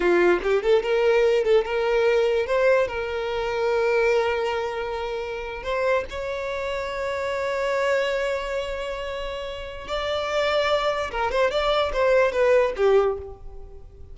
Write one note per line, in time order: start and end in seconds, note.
0.00 0.39 F4
0.42 0.62 G4
0.62 0.82 A4
0.82 1.44 A#4
1.44 1.64 A4
1.64 2.46 A#4
2.46 2.87 C5
2.87 5.63 A#4
5.63 6.04 C5
6.09 9.87 C#5
9.87 11.10 D5
11.11 11.31 A#4
11.31 11.50 C5
11.50 11.91 D5
11.92 12.32 C5
12.32 12.73 B4
12.76 13.17 G4